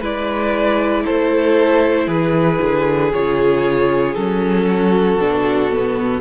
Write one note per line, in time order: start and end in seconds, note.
0.00 1.05 G#3
0.00 3.12 E4
0.00 1.03 B4
0.00 1.06 D5
1.05 2.07 A3
1.05 2.06 A4
1.05 2.09 C5
2.06 2.59 E3
2.06 4.65 G#4
2.06 3.12 B4
2.61 3.13 D3
3.12 4.16 C#3
3.12 4.16 F4
3.12 4.14 C#5
4.14 5.17 F#3
4.14 5.19 C#4
4.14 6.21 A4
4.68 6.21 F#4
5.17 6.21 B2
5.17 5.71 D4
5.71 6.21 B3